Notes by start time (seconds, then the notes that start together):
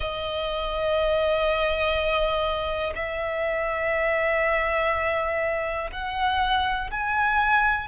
0.00 D#5
2.95 E5
5.92 F#5
6.90 G#5